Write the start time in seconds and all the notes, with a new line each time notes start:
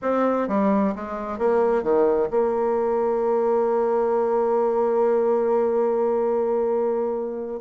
0.01 C4
0.48 G3
0.95 G#3
1.38 A#3
1.82 D#3
2.30 A#3